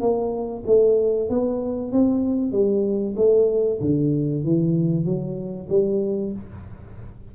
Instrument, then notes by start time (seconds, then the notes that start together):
tuba
0.00 A#3
0.66 A3
1.29 B3
1.92 C4
2.52 G3
3.16 A3
3.81 D3
4.44 E3
5.05 F#3
5.69 G3